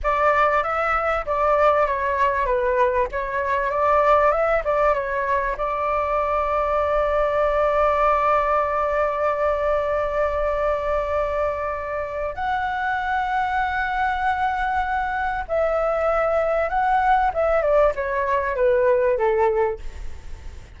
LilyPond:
\new Staff \with { instrumentName = "flute" } { \time 4/4 \tempo 4 = 97 d''4 e''4 d''4 cis''4 | b'4 cis''4 d''4 e''8 d''8 | cis''4 d''2.~ | d''1~ |
d''1 | fis''1~ | fis''4 e''2 fis''4 | e''8 d''8 cis''4 b'4 a'4 | }